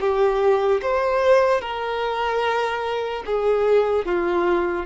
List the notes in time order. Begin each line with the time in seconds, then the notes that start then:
0.00 G4
0.81 C5
1.61 A#4
3.25 G#4
4.05 F4